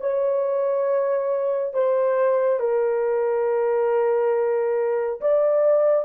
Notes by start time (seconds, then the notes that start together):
0.00 C#5
1.73 C5
2.59 A#4
5.21 D5